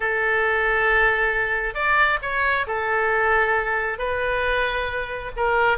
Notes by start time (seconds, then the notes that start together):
0.00 A4
1.74 D5
2.21 C#5
2.67 A4
3.98 B4
5.36 A#4